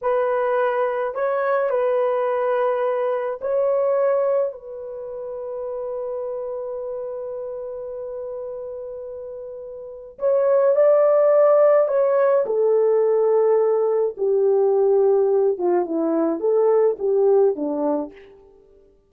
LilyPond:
\new Staff \with { instrumentName = "horn" } { \time 4/4 \tempo 4 = 106 b'2 cis''4 b'4~ | b'2 cis''2 | b'1~ | b'1~ |
b'2 cis''4 d''4~ | d''4 cis''4 a'2~ | a'4 g'2~ g'8 f'8 | e'4 a'4 g'4 d'4 | }